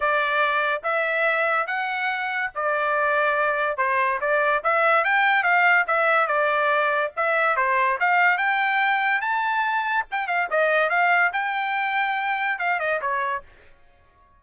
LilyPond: \new Staff \with { instrumentName = "trumpet" } { \time 4/4 \tempo 4 = 143 d''2 e''2 | fis''2 d''2~ | d''4 c''4 d''4 e''4 | g''4 f''4 e''4 d''4~ |
d''4 e''4 c''4 f''4 | g''2 a''2 | g''8 f''8 dis''4 f''4 g''4~ | g''2 f''8 dis''8 cis''4 | }